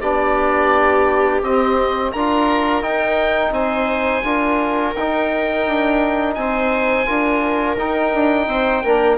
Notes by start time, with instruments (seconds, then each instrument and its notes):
0.00 bassoon B3, trombone D4, viola G4, oboe D5
1.42 bassoon C4, trombone C4, oboe D#5
2.11 bassoon D4, trombone F4, viola A#4, oboe A#5
2.81 trombone D#4, bassoon D#4, oboe G5
3.51 bassoon C4, viola C5, oboe G#5
4.23 bassoon D4, trombone F4, viola A#4
4.96 bassoon D#4, trombone D#4, oboe G5
5.66 bassoon D4
6.34 bassoon C4, oboe G#5
6.40 viola C5
7.05 bassoon D4, trombone F4, viola A#4
7.76 bassoon D#4, trombone D#4, oboe G5
8.14 bassoon D4
8.47 bassoon C4, viola C5
8.84 bassoon A#3, trombone D4, viola A#4